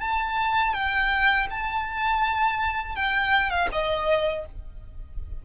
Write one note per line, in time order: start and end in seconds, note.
0.00 0.73 A5
0.74 1.47 G5
1.50 2.95 A5
2.95 3.50 G5
3.50 3.68 F5
3.72 4.45 D#5